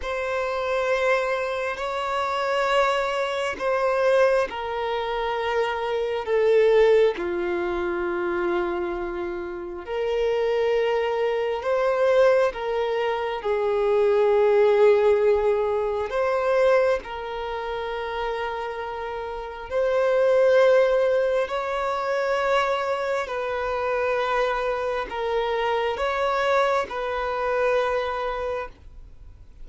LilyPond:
\new Staff \with { instrumentName = "violin" } { \time 4/4 \tempo 4 = 67 c''2 cis''2 | c''4 ais'2 a'4 | f'2. ais'4~ | ais'4 c''4 ais'4 gis'4~ |
gis'2 c''4 ais'4~ | ais'2 c''2 | cis''2 b'2 | ais'4 cis''4 b'2 | }